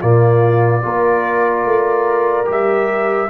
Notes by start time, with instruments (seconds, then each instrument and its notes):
0.00 tuba A#2, trombone A#3, horn F4, trumpet D5
0.82 tuba A#3, trombone F4, horn A#4
1.64 tuba A3
2.45 tuba G3, trombone G4
2.51 trumpet E5